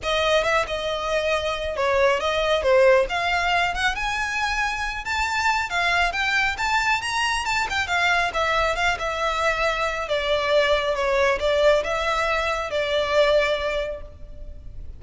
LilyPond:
\new Staff \with { instrumentName = "violin" } { \time 4/4 \tempo 4 = 137 dis''4 e''8 dis''2~ dis''8 | cis''4 dis''4 c''4 f''4~ | f''8 fis''8 gis''2~ gis''8 a''8~ | a''4 f''4 g''4 a''4 |
ais''4 a''8 g''8 f''4 e''4 | f''8 e''2~ e''8 d''4~ | d''4 cis''4 d''4 e''4~ | e''4 d''2. | }